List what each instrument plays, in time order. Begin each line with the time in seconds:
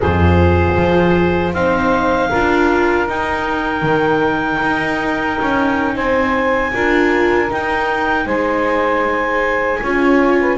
0.00 double bass F2, viola F4, saxophone G#4, clarinet C5
0.76 double bass F3
1.53 double bass C4, viola D#4, saxophone C5, clarinet F5
2.29 double bass D4, viola F4, saxophone A#4
3.08 double bass D#4, viola D#4, clarinet G5
3.81 double bass D#3
4.62 double bass D#4
5.40 double bass C#4
5.95 double bass C4, saxophone C5, clarinet G#5
6.73 double bass D4, viola F4, saxophone A#4
7.49 viola D#4, double bass D#4, clarinet G5
8.25 double bass G#3, saxophone C5, clarinet G#5
9.81 double bass C#4, viola F4, saxophone C#5
10.39 saxophone B4